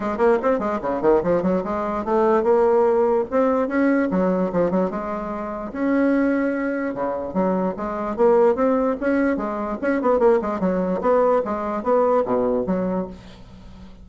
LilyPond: \new Staff \with { instrumentName = "bassoon" } { \time 4/4 \tempo 4 = 147 gis8 ais8 c'8 gis8 cis8 dis8 f8 fis8 | gis4 a4 ais2 | c'4 cis'4 fis4 f8 fis8 | gis2 cis'2~ |
cis'4 cis4 fis4 gis4 | ais4 c'4 cis'4 gis4 | cis'8 b8 ais8 gis8 fis4 b4 | gis4 b4 b,4 fis4 | }